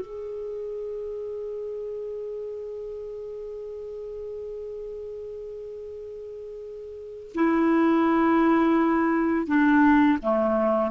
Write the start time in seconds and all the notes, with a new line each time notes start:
0.00 G#4
7.34 E4
9.46 D4
10.22 A3